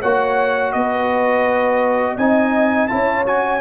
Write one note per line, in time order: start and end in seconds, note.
0.00 0.74 A#3
0.00 2.19 F#4
0.00 0.72 C#5
0.00 0.72 F#5
0.72 2.18 B3
0.72 2.15 B4
0.72 2.17 D#5
2.15 2.90 C4
2.15 2.89 D#4
2.15 2.87 D#5
2.15 2.88 G#5
2.88 3.61 C#4
2.88 3.25 E4
2.88 3.61 C#5
2.88 3.24 A5
3.26 3.61 F#4
3.26 3.61 G#5